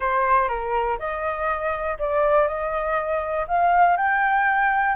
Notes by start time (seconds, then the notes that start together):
0.00 C5
0.48 A#4
0.98 D#5
1.99 D5
2.47 D#5
3.47 F5
3.97 G5